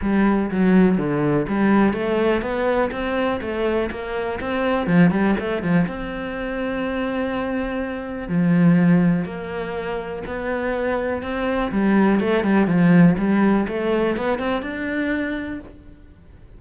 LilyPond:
\new Staff \with { instrumentName = "cello" } { \time 4/4 \tempo 4 = 123 g4 fis4 d4 g4 | a4 b4 c'4 a4 | ais4 c'4 f8 g8 a8 f8 | c'1~ |
c'4 f2 ais4~ | ais4 b2 c'4 | g4 a8 g8 f4 g4 | a4 b8 c'8 d'2 | }